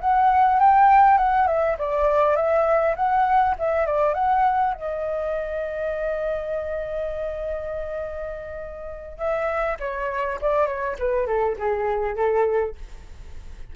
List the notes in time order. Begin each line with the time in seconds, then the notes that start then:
0.00 F#5
0.59 G5
1.17 F#5
1.47 E5
1.78 D5
2.35 E5
2.95 F#5
3.59 E5
3.86 D5
4.14 F#5
4.73 D#5
9.18 E5
9.79 C#5
10.41 D5
10.66 C#5
10.98 B4
11.26 A4
11.58 G#4
12.15 A4